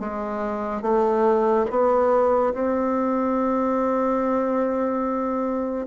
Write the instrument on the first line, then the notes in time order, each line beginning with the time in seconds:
bassoon
0.00 G#3
0.82 A3
1.70 B3
2.53 C4